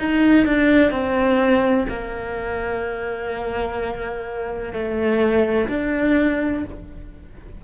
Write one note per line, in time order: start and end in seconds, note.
0.00 0.46 D#4
0.46 0.91 D4
0.91 1.87 C4
1.89 4.74 A#3
4.74 5.69 A3
5.69 6.65 D4